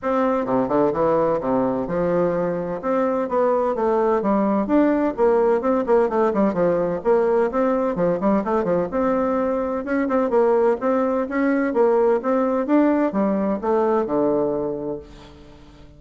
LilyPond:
\new Staff \with { instrumentName = "bassoon" } { \time 4/4 \tempo 4 = 128 c'4 c8 d8 e4 c4 | f2 c'4 b4 | a4 g4 d'4 ais4 | c'8 ais8 a8 g8 f4 ais4 |
c'4 f8 g8 a8 f8 c'4~ | c'4 cis'8 c'8 ais4 c'4 | cis'4 ais4 c'4 d'4 | g4 a4 d2 | }